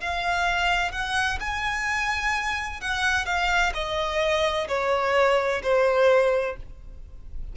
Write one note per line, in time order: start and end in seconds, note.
0.00 0.92 F5
0.92 1.38 F#5
1.40 2.81 G#5
2.81 3.26 F#5
3.26 3.72 F5
3.74 4.67 D#5
4.68 5.62 C#5
5.62 6.56 C5